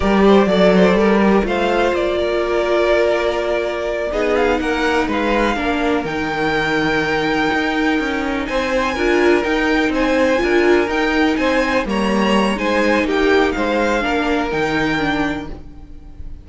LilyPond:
<<
  \new Staff \with { instrumentName = "violin" } { \time 4/4 \tempo 4 = 124 d''2. f''4 | d''1~ | d''8 dis''8 f''8 fis''4 f''4.~ | f''8 g''2.~ g''8~ |
g''4. gis''2 g''8~ | g''8 gis''2 g''4 gis''8~ | gis''8 ais''4. gis''4 g''4 | f''2 g''2 | }
  \new Staff \with { instrumentName = "violin" } { \time 4/4 ais'8 c''8 d''8 c''8 ais'4 c''4~ | c''8 ais'2.~ ais'8~ | ais'8 gis'4 ais'4 b'4 ais'8~ | ais'1~ |
ais'4. c''4 ais'4.~ | ais'8 c''4 ais'2 c''8~ | c''8 cis''4. c''4 g'4 | c''4 ais'2. | }
  \new Staff \with { instrumentName = "viola" } { \time 4/4 g'4 a'4. g'8 f'4~ | f'1~ | f'8 dis'2. d'8~ | d'8 dis'2.~ dis'8~ |
dis'2~ dis'8 f'4 dis'8~ | dis'4. f'4 dis'4.~ | dis'8 ais4. dis'2~ | dis'4 d'4 dis'4 d'4 | }
  \new Staff \with { instrumentName = "cello" } { \time 4/4 g4 fis4 g4 a4 | ais1~ | ais8 b4 ais4 gis4 ais8~ | ais8 dis2. dis'8~ |
dis'8 cis'4 c'4 d'4 dis'8~ | dis'8 c'4 d'4 dis'4 c'8~ | c'8 g4. gis4 ais4 | gis4 ais4 dis2 | }
>>